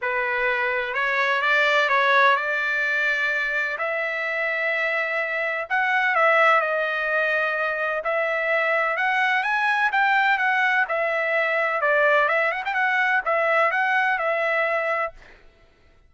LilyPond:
\new Staff \with { instrumentName = "trumpet" } { \time 4/4 \tempo 4 = 127 b'2 cis''4 d''4 | cis''4 d''2. | e''1 | fis''4 e''4 dis''2~ |
dis''4 e''2 fis''4 | gis''4 g''4 fis''4 e''4~ | e''4 d''4 e''8 fis''16 g''16 fis''4 | e''4 fis''4 e''2 | }